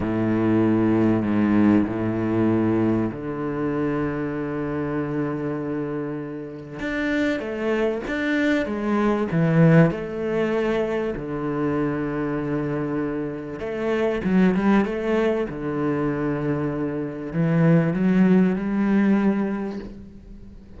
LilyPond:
\new Staff \with { instrumentName = "cello" } { \time 4/4 \tempo 4 = 97 a,2 gis,4 a,4~ | a,4 d2.~ | d2. d'4 | a4 d'4 gis4 e4 |
a2 d2~ | d2 a4 fis8 g8 | a4 d2. | e4 fis4 g2 | }